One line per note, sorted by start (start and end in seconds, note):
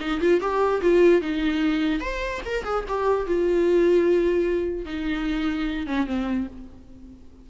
0.00 0.20 D#4
0.20 0.40 F4
0.40 0.81 G4
0.81 1.21 F4
1.21 2.00 D#4
2.00 2.41 C5
2.45 2.64 A#4
2.64 2.84 G#4
2.88 3.26 G4
3.26 4.85 F4
4.85 5.86 D#4
5.87 6.06 C#4
6.06 6.47 C4